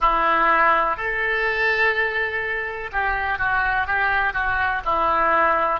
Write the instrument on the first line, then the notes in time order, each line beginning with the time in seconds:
oboe
0.00 E4
0.96 A4
2.92 G4
3.38 F#4
3.86 G4
4.33 F#4
4.85 E4